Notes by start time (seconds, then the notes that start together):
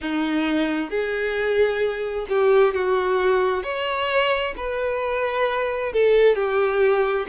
0.01 D#4
0.90 G#4
2.28 G4
2.74 F#4
3.63 C#5
4.56 B4
5.93 A4
6.35 G4